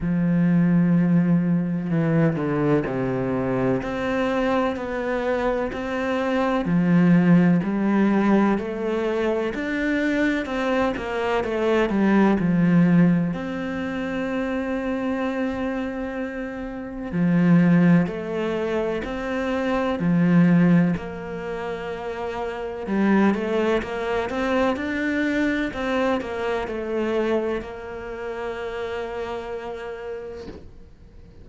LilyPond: \new Staff \with { instrumentName = "cello" } { \time 4/4 \tempo 4 = 63 f2 e8 d8 c4 | c'4 b4 c'4 f4 | g4 a4 d'4 c'8 ais8 | a8 g8 f4 c'2~ |
c'2 f4 a4 | c'4 f4 ais2 | g8 a8 ais8 c'8 d'4 c'8 ais8 | a4 ais2. | }